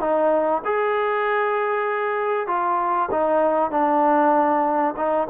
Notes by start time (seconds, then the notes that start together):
0.00 D#4
0.64 G#4
2.47 F4
3.11 D#4
3.70 D4
4.97 D#4